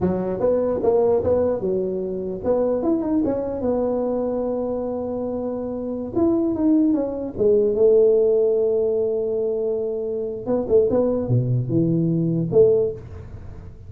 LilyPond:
\new Staff \with { instrumentName = "tuba" } { \time 4/4 \tempo 4 = 149 fis4 b4 ais4 b4 | fis2 b4 e'8 dis'8 | cis'4 b2.~ | b2.~ b16 e'8.~ |
e'16 dis'4 cis'4 gis4 a8.~ | a1~ | a2 b8 a8 b4 | b,4 e2 a4 | }